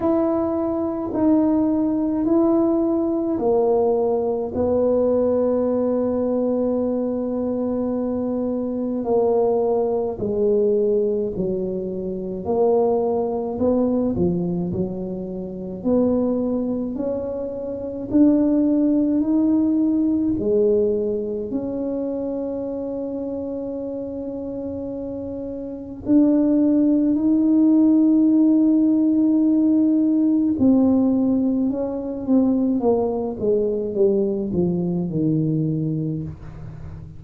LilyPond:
\new Staff \with { instrumentName = "tuba" } { \time 4/4 \tempo 4 = 53 e'4 dis'4 e'4 ais4 | b1 | ais4 gis4 fis4 ais4 | b8 f8 fis4 b4 cis'4 |
d'4 dis'4 gis4 cis'4~ | cis'2. d'4 | dis'2. c'4 | cis'8 c'8 ais8 gis8 g8 f8 dis4 | }